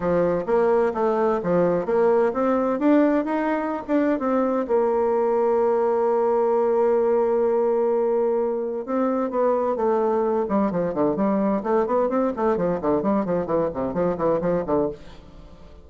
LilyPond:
\new Staff \with { instrumentName = "bassoon" } { \time 4/4 \tempo 4 = 129 f4 ais4 a4 f4 | ais4 c'4 d'4 dis'4~ | dis'16 d'8. c'4 ais2~ | ais1~ |
ais2. c'4 | b4 a4. g8 f8 d8 | g4 a8 b8 c'8 a8 f8 d8 | g8 f8 e8 c8 f8 e8 f8 d8 | }